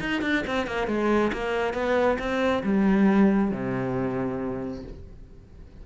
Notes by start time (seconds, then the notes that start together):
0.00 D#4
0.22 D4
0.47 C4
0.67 A#3
0.87 G#3
1.33 A#3
1.73 B3
2.19 C4
2.63 G3
3.51 C3